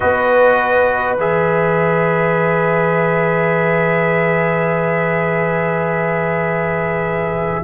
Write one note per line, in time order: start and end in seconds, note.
0.00 1.15 B3
0.00 1.18 F#4
0.00 7.62 B4
0.00 1.16 D#5
1.15 7.62 E3
1.15 7.63 G#4
1.15 7.63 E5